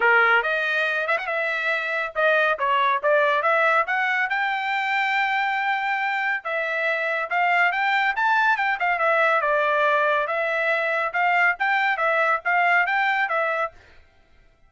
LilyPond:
\new Staff \with { instrumentName = "trumpet" } { \time 4/4 \tempo 4 = 140 ais'4 dis''4. e''16 fis''16 e''4~ | e''4 dis''4 cis''4 d''4 | e''4 fis''4 g''2~ | g''2. e''4~ |
e''4 f''4 g''4 a''4 | g''8 f''8 e''4 d''2 | e''2 f''4 g''4 | e''4 f''4 g''4 e''4 | }